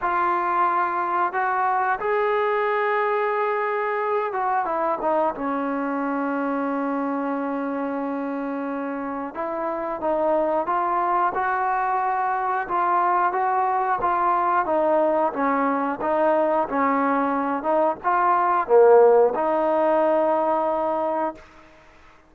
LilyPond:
\new Staff \with { instrumentName = "trombone" } { \time 4/4 \tempo 4 = 90 f'2 fis'4 gis'4~ | gis'2~ gis'8 fis'8 e'8 dis'8 | cis'1~ | cis'2 e'4 dis'4 |
f'4 fis'2 f'4 | fis'4 f'4 dis'4 cis'4 | dis'4 cis'4. dis'8 f'4 | ais4 dis'2. | }